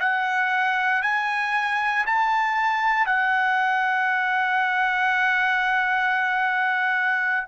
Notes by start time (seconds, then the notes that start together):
0.00 F#5
1.03 G#5
2.06 A5
3.07 F#5